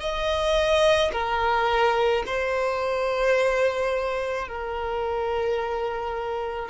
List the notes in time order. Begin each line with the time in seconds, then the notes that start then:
0.00 D#5
1.12 A#4
2.26 C5
4.47 A#4